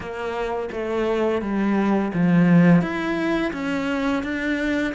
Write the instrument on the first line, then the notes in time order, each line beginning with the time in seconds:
cello
0.00 A#3
0.72 A3
1.41 G3
2.13 F3
2.81 E4
3.52 C#4
4.23 D4